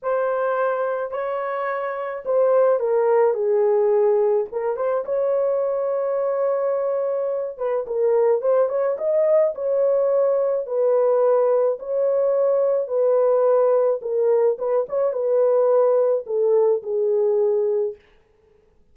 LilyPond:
\new Staff \with { instrumentName = "horn" } { \time 4/4 \tempo 4 = 107 c''2 cis''2 | c''4 ais'4 gis'2 | ais'8 c''8 cis''2.~ | cis''4. b'8 ais'4 c''8 cis''8 |
dis''4 cis''2 b'4~ | b'4 cis''2 b'4~ | b'4 ais'4 b'8 cis''8 b'4~ | b'4 a'4 gis'2 | }